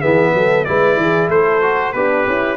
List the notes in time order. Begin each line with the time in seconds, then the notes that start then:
0.00 E3 B3 G#4 E5
0.34 F#3 A4
0.65 G#3 E4 B4 D5
0.97 E3 G#4
1.29 A3 A4 C5
1.61 F#4
1.93 B3 D4 G4 B4
2.27 C#4 E4